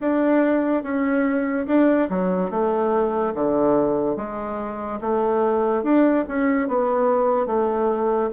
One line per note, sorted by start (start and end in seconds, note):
0.00 0.83 D4
0.83 1.66 C#4
1.67 2.08 D4
2.09 2.50 F#3
2.50 3.33 A3
3.34 4.16 D3
4.16 4.99 G#3
5.00 5.83 A3
5.83 6.24 D4
6.28 6.67 C#4
6.67 7.46 B3
7.46 8.30 A3